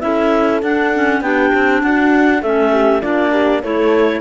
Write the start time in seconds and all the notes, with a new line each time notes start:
0.00 C#4 E4 A4 E5
0.62 D4 F#5
0.94 C#4
1.21 B3 D4 G4 G5
1.54 C4
1.82 D4 F#4 F#5
2.41 A3 C#4 A4 E5
2.71 G4
3.02 A#3 D4 F4 D5
3.31 G4
3.62 A3 E4 A4 C#5